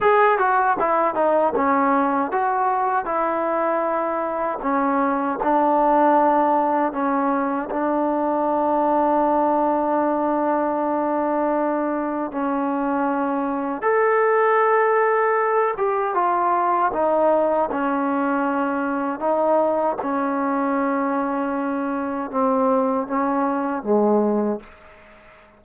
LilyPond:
\new Staff \with { instrumentName = "trombone" } { \time 4/4 \tempo 4 = 78 gis'8 fis'8 e'8 dis'8 cis'4 fis'4 | e'2 cis'4 d'4~ | d'4 cis'4 d'2~ | d'1 |
cis'2 a'2~ | a'8 g'8 f'4 dis'4 cis'4~ | cis'4 dis'4 cis'2~ | cis'4 c'4 cis'4 gis4 | }